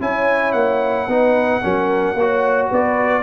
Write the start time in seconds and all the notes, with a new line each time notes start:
0.00 C#4 E4 C#5 G#5
0.52 A#3 F#5
1.07 B3 D#4 B4
1.62 F#3 C#4 A#4
2.14 A#3 F#4 C#5
2.69 B3 B4 D5